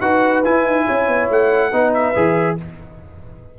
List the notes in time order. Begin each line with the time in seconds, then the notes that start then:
0.00 D#4 F#4 B4 F#5
0.44 E4 G#5
0.65 D#4
0.86 C#4 C#5
1.07 B3
1.30 A3 F#5
1.72 B3 D#4 B4
1.94 E5
2.15 E3 G#4